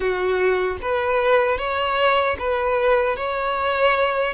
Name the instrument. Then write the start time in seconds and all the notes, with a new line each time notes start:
violin
0.00 F#4
0.81 B4
1.58 C#5
2.38 B4
3.16 C#5